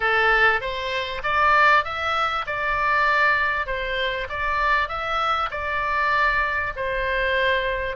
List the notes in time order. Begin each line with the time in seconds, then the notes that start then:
0.00 A4
0.60 C5
1.23 D5
1.84 E5
2.46 D5
3.66 C5
4.29 D5
4.88 E5
5.50 D5
6.76 C5